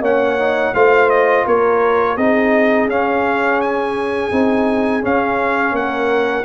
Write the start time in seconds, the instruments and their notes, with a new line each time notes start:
0.00 tuba A#3, trombone C#4, horn C#5, trumpet F#5
0.38 trombone D#4
0.74 tuba A3, trombone F4, horn C5, trumpet F5
1.09 trumpet D#5
1.46 tuba A#3, horn A#4, trumpet C#5
2.16 tuba C4, trombone D#4, horn G#4, trumpet D#5
2.87 tuba C#4, trombone C#4, trumpet F5
3.61 trumpet G#5
4.31 tuba C4, trombone D#4
5.01 trombone C#4, tuba C#4, trumpet F5
5.72 tuba A#3, horn A#4, trumpet F#5